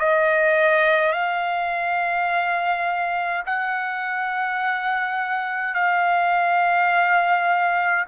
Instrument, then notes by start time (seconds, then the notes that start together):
trumpet
0.00 D#5
1.13 F5
3.46 F#5
5.75 F5